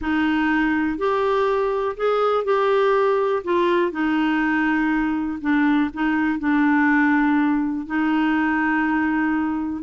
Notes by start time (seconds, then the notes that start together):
0.01 D#4
0.97 G4
1.96 G#4
2.44 G4
3.44 F4
3.91 D#4
5.41 D4
5.93 D#4
6.39 D4
7.86 D#4